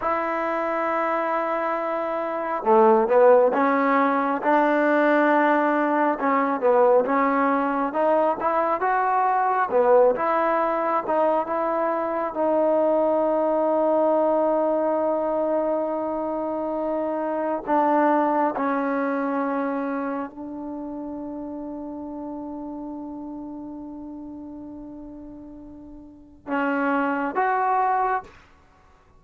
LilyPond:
\new Staff \with { instrumentName = "trombone" } { \time 4/4 \tempo 4 = 68 e'2. a8 b8 | cis'4 d'2 cis'8 b8 | cis'4 dis'8 e'8 fis'4 b8 e'8~ | e'8 dis'8 e'4 dis'2~ |
dis'1 | d'4 cis'2 d'4~ | d'1~ | d'2 cis'4 fis'4 | }